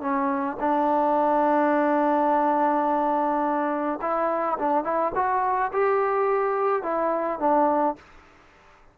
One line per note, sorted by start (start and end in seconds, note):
0.00 0.57 C#4
0.59 3.99 D4
4.01 4.57 E4
4.58 4.83 D4
4.83 5.12 E4
5.15 5.71 F#4
5.72 6.82 G4
6.82 7.39 E4
7.39 7.96 D4